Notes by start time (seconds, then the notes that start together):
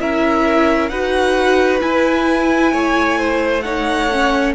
0.00 C#4 E4 A#4 E5
0.89 D#4 F#4 B4 F#5
1.81 E4 G#5
2.73 A3 C#5
3.19 C5
3.62 D#4 C#5 F#5
4.12 C#4